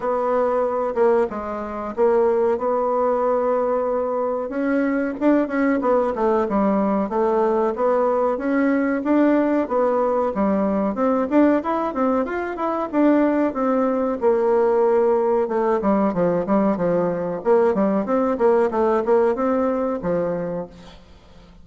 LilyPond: \new Staff \with { instrumentName = "bassoon" } { \time 4/4 \tempo 4 = 93 b4. ais8 gis4 ais4 | b2. cis'4 | d'8 cis'8 b8 a8 g4 a4 | b4 cis'4 d'4 b4 |
g4 c'8 d'8 e'8 c'8 f'8 e'8 | d'4 c'4 ais2 | a8 g8 f8 g8 f4 ais8 g8 | c'8 ais8 a8 ais8 c'4 f4 | }